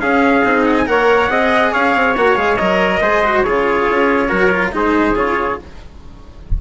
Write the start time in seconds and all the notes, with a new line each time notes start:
0.00 C#4 G#4 F5
0.44 C4 D#4
0.65 F#5
0.77 G#5
0.86 A#3 A#4 C#5 F#5
1.29 C4 G#4 D#5
1.72 C#4 C#5 F5
1.95 C4
2.17 A#3 F#4 F#5
2.36 G#3 G#4 F5
2.57 F#3 A#4 D#5
3.01 G#3 G#4 C5
3.24 F#4
3.43 C#3 F4 G#4 C#5
3.90 C#4
4.29 F#3 F#4 A#4
4.51 F4
4.72 G#3 D#4 G#4 C5
5.13 C#3 F4 C#5